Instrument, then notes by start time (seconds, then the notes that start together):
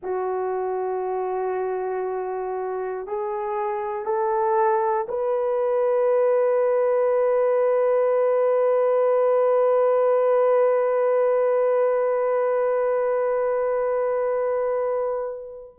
horn
0.02 F#4
3.06 G#4
4.04 A4
5.08 B4